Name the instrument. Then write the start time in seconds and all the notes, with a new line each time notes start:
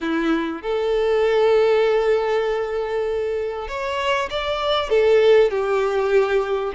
violin
0.01 E4
0.62 A4
3.68 C#5
4.30 D5
4.89 A4
5.50 G4